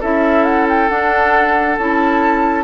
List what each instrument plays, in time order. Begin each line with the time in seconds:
0.00 bassoon C#4, clarinet E4, oboe A4, flute E5
0.44 flute F#5
0.69 flute G5
0.88 clarinet D4, bassoon D4, flute F#5
1.77 bassoon C#4, clarinet E4, flute A5